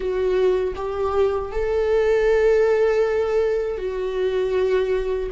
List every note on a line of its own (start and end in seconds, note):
0.00 0.74 F#4
0.75 1.51 G4
1.51 3.77 A4
3.77 5.29 F#4